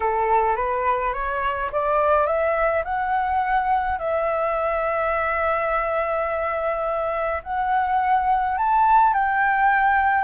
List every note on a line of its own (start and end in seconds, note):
0.00 0.56 A4
0.56 1.13 B4
1.13 1.70 C#5
1.71 2.26 D5
2.26 2.83 E5
2.84 3.98 F#5
3.98 7.41 E5
7.43 8.57 F#5
8.57 9.13 A5
9.13 10.24 G5